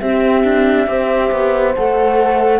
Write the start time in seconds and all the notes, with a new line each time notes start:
0.00 C4 G4 E5
0.44 D4
0.87 C4 G4 C5
1.31 B3
1.75 A3 A4 F#5